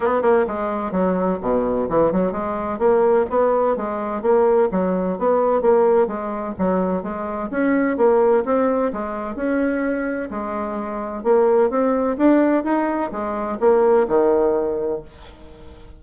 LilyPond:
\new Staff \with { instrumentName = "bassoon" } { \time 4/4 \tempo 4 = 128 b8 ais8 gis4 fis4 b,4 | e8 fis8 gis4 ais4 b4 | gis4 ais4 fis4 b4 | ais4 gis4 fis4 gis4 |
cis'4 ais4 c'4 gis4 | cis'2 gis2 | ais4 c'4 d'4 dis'4 | gis4 ais4 dis2 | }